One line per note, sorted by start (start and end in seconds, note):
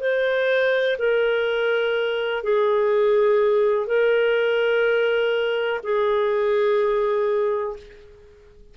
0.00 0.97 C5
0.99 2.43 A#4
2.43 3.87 G#4
3.87 5.80 A#4
5.83 7.76 G#4